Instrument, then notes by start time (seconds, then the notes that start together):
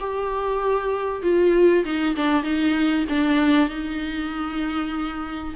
viola
0.00 G4
1.23 F4
1.85 D#4
2.16 D4
2.43 D#4
3.09 D4
3.69 D#4